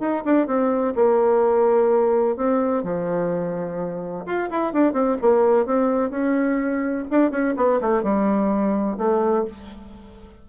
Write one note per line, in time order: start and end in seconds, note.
0.00 0.24 D#4
0.25 0.47 D4
0.47 0.94 C4
0.96 2.37 A#3
2.37 2.84 C4
2.84 4.25 F3
4.26 4.50 F4
4.51 4.73 E4
4.73 4.93 D4
4.93 5.17 C4
5.22 5.66 A#3
5.66 6.10 C4
6.10 7.05 C#4
7.11 7.31 D4
7.31 7.55 C#4
7.57 7.80 B3
7.81 8.03 A3
8.03 8.98 G3
8.98 9.46 A3